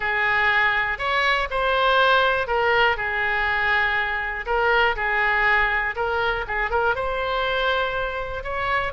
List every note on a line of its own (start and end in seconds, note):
0.00 0.98 G#4
0.98 1.48 C#5
1.50 2.47 C5
2.47 2.96 A#4
2.97 4.45 G#4
4.46 4.95 A#4
4.95 5.95 G#4
5.95 6.45 A#4
6.47 6.70 G#4
6.70 6.95 A#4
6.95 8.43 C5
8.43 8.93 C#5